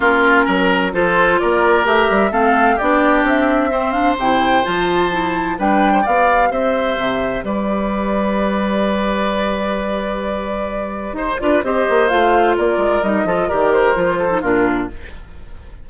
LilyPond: <<
  \new Staff \with { instrumentName = "flute" } { \time 4/4 \tempo 4 = 129 ais'2 c''4 d''4 | e''4 f''4 d''4 e''4~ | e''8 f''8 g''4 a''2 | g''4 f''4 e''2 |
d''1~ | d''1 | c''8 d''8 dis''4 f''4 d''4 | dis''4 d''8 c''4. ais'4 | }
  \new Staff \with { instrumentName = "oboe" } { \time 4/4 f'4 ais'4 a'4 ais'4~ | ais'4 a'4 g'2 | c''1 | b'8. c''16 d''4 c''2 |
b'1~ | b'1 | c''8 b'8 c''2 ais'4~ | ais'8 a'8 ais'4. a'8 f'4 | }
  \new Staff \with { instrumentName = "clarinet" } { \time 4/4 cis'2 f'2 | g'4 c'4 d'2 | c'8 d'8 e'4 f'4 e'4 | d'4 g'2.~ |
g'1~ | g'1~ | g'8 f'8 g'4 f'2 | dis'8 f'8 g'4 f'8. dis'16 d'4 | }
  \new Staff \with { instrumentName = "bassoon" } { \time 4/4 ais4 fis4 f4 ais4 | a8 g8 a4 b4 c'4~ | c'4 c4 f2 | g4 b4 c'4 c4 |
g1~ | g1 | dis'8 d'8 c'8 ais8 a4 ais8 gis8 | g8 f8 dis4 f4 ais,4 | }
>>